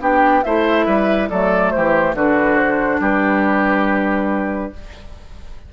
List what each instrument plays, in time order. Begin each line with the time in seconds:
0.00 bassoon B3, clarinet D4, oboe G4, flute G5
0.43 bassoon A3, clarinet E4, oboe C5, flute E5
0.86 bassoon G3, oboe B4
1.29 bassoon F#3, clarinet A3, oboe A4, flute D5
1.71 bassoon E3, oboe G4, flute C5
2.14 bassoon D3, clarinet D4, oboe F#4, flute B4
2.56 flute C5
3.00 bassoon G3, oboe G4, flute B4